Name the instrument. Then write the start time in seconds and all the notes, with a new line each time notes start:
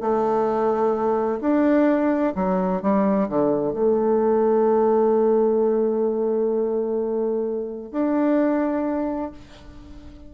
bassoon
0.00 A3
1.40 D4
2.35 F#3
2.82 G3
3.29 D3
3.73 A3
7.91 D4